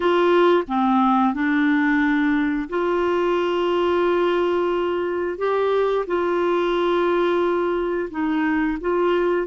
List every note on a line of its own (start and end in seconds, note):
0.00 0.63 F4
0.67 1.34 C4
1.34 2.68 D4
2.69 5.37 F4
5.37 6.05 G4
6.06 8.09 F4
8.10 8.78 D#4
8.80 9.47 F4